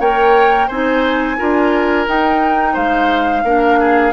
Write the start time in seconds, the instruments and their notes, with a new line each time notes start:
0.00 bassoon A#3, clarinet A#4, oboe C#5, flute G5
0.68 bassoon C4, clarinet D#4, oboe C5, flute G#5
1.38 bassoon D4, clarinet F4, oboe A#4
2.07 clarinet D#4, bassoon D#4, flute G5
2.74 bassoon G#3, oboe C5, flute F5
3.44 bassoon A#3, clarinet D4, oboe A#4
3.80 oboe G#4